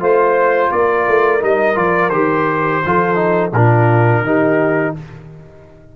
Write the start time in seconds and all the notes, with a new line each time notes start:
0.00 A3 F4 C5
0.71 A#3 A#4 D5
1.07 A3
1.40 G3 D#4 D#5
1.75 F3 F4 D5
2.10 D#3 G4 C5
2.85 F3 F4 A4
3.15 D#4
3.52 A#2 D4 F4 A#4
4.21 D#3 D#4 G4